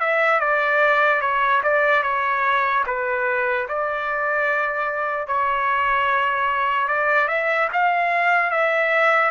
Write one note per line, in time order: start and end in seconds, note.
0.00 0.40 E5
0.40 1.21 D5
1.21 1.62 C#5
1.63 2.03 D5
2.03 2.84 C#5
2.86 3.67 B4
3.69 5.27 D5
5.27 6.88 C#5
6.88 7.28 D5
7.28 7.68 E5
7.73 8.51 F5
8.51 9.31 E5